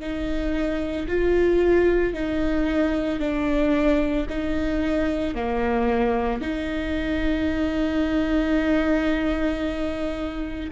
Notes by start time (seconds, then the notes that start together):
0.00 D#4
1.08 F4
2.14 D#4
3.19 D4
4.29 D#4
5.35 A#3
6.41 D#4